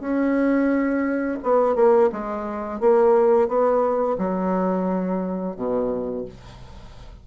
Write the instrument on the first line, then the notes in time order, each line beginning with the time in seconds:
bassoon
0.00 C#4
1.43 B3
1.75 A#3
2.12 G#3
2.80 A#3
3.48 B3
4.18 F#3
5.56 B2